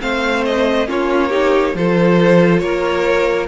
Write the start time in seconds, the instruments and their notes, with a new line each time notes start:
0.00 cello A3, viola C4, violin C5 F5
0.45 violin D#5
0.86 cello A#3, viola C#4, violin F4 C#5
1.29 viola D#4, violin G4
1.74 cello F3, viola F4, violin A4 C5
2.59 cello A#3, violin A#4 C#5